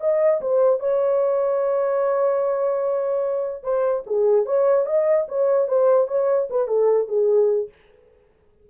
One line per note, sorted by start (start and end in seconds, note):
0.00 0.41 D#5
0.41 0.79 C5
0.79 3.63 C#5
3.63 4.03 C5
4.06 4.45 G#4
4.45 4.86 C#5
4.86 5.26 D#5
5.28 5.68 C#5
5.68 6.07 C5
6.07 6.48 C#5
6.50 6.67 B4
6.67 7.08 A4
7.08 7.69 G#4